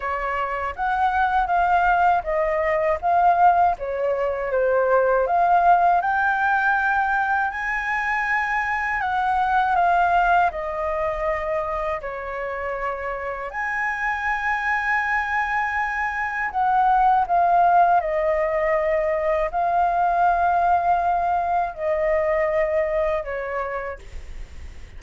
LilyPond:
\new Staff \with { instrumentName = "flute" } { \time 4/4 \tempo 4 = 80 cis''4 fis''4 f''4 dis''4 | f''4 cis''4 c''4 f''4 | g''2 gis''2 | fis''4 f''4 dis''2 |
cis''2 gis''2~ | gis''2 fis''4 f''4 | dis''2 f''2~ | f''4 dis''2 cis''4 | }